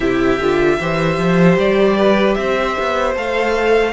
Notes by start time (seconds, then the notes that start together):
0.00 C3 E4 G4 E5
0.39 D3 F4
0.80 E3 G4 C5
1.18 F3
1.57 G3 D5
1.97 B4
2.34 C4 C5 E5
2.79 B3
3.15 A3 A4 F5